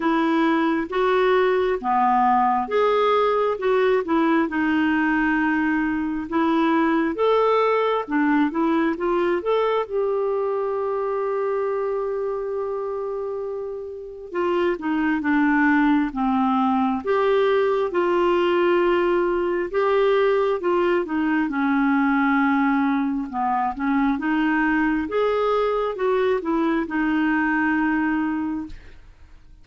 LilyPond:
\new Staff \with { instrumentName = "clarinet" } { \time 4/4 \tempo 4 = 67 e'4 fis'4 b4 gis'4 | fis'8 e'8 dis'2 e'4 | a'4 d'8 e'8 f'8 a'8 g'4~ | g'1 |
f'8 dis'8 d'4 c'4 g'4 | f'2 g'4 f'8 dis'8 | cis'2 b8 cis'8 dis'4 | gis'4 fis'8 e'8 dis'2 | }